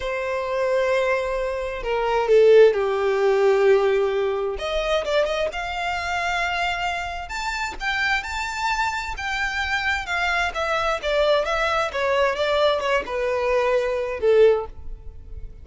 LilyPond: \new Staff \with { instrumentName = "violin" } { \time 4/4 \tempo 4 = 131 c''1 | ais'4 a'4 g'2~ | g'2 dis''4 d''8 dis''8 | f''1 |
a''4 g''4 a''2 | g''2 f''4 e''4 | d''4 e''4 cis''4 d''4 | cis''8 b'2~ b'8 a'4 | }